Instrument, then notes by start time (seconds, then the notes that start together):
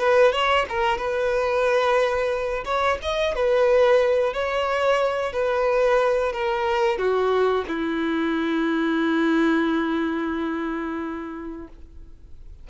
violin
0.00 B4
0.33 C#5
0.69 A#4
0.98 B4
2.65 C#5
3.03 D#5
3.36 B4
4.34 C#5
5.33 B4
6.33 A#4
6.99 F#4
7.68 E4